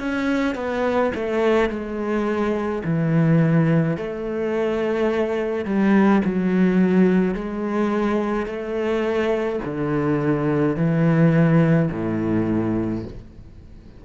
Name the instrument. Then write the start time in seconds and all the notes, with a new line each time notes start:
cello
0.00 C#4
0.56 B3
1.15 A3
1.70 G#3
2.85 E3
3.97 A3
5.66 G3
6.25 F#3
7.35 G#3
8.46 A3
9.65 D3
10.77 E3
11.92 A2